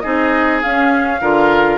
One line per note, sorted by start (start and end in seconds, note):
0.00 0.64 C4
0.00 0.62 D#4
0.00 1.20 G#4
0.00 0.59 D#5
0.62 1.21 C#4
0.62 1.78 F5
1.21 1.78 D3
1.21 1.78 F4
1.21 1.78 A#4